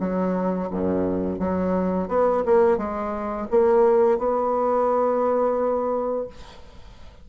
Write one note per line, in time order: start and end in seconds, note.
0.00 0.70 F#3
0.71 1.39 F#2
1.39 2.09 F#3
2.09 2.44 B3
2.45 2.77 A#3
2.77 3.47 G#3
3.51 4.19 A#3
4.19 6.28 B3